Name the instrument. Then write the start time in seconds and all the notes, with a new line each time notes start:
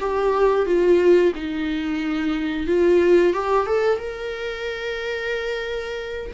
viola
0.00 G4
0.66 F4
1.35 D#4
2.67 F4
3.33 G4
3.66 A4
3.98 A#4